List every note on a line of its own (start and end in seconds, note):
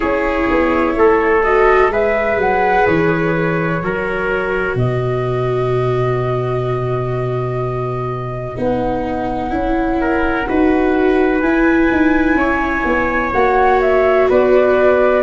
0.00 0.50 C#4
0.00 1.41 E4
0.00 0.95 G#4
0.00 1.43 C#5
0.50 0.96 B3
0.96 1.89 A3
0.96 1.92 A4
1.43 1.90 F#4
1.43 1.90 D#5
1.89 2.36 G#3
1.89 3.82 G#4
1.89 3.82 B4
1.89 2.39 E5
2.36 2.84 F#3
2.36 2.86 F#5
2.86 3.81 E3
2.86 4.77 C#5
3.81 4.75 F#3
3.81 8.55 F#4
3.81 4.77 A#4
4.75 8.56 B2
4.75 10.00 B4
4.75 8.58 D#5
8.55 9.51 B3
8.55 9.49 D#4
8.55 11.40 F#5
9.49 10.46 C#4
9.49 10.44 E4
10.00 10.48 A#4
10.46 11.42 D#4
10.46 11.41 F#4
10.46 12.37 B4
11.40 11.89 E4
11.40 13.33 E4
11.40 13.30 G#5
11.91 12.34 D#4
12.34 12.82 C#4
12.34 14.28 C#5
12.85 13.32 B3
13.32 14.28 A#3
13.32 15.22 F#4
13.32 13.80 F#5
13.81 14.28 E5
14.29 15.22 B3
14.29 15.22 B4
14.29 15.22 D5